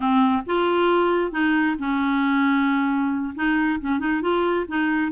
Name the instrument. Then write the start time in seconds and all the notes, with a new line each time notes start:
clarinet
0.00 C4
0.46 F4
1.31 D#4
1.78 C#4
3.35 D#4
3.80 C#4
3.99 D#4
4.21 F4
4.68 D#4